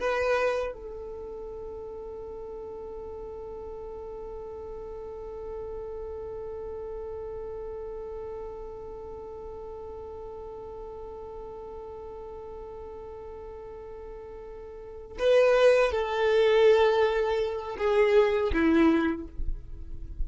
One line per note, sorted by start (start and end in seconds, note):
0.00 0.73 B4
0.73 15.18 A4
15.19 15.92 B4
15.92 17.77 A4
17.78 18.52 G#4
18.54 19.28 E4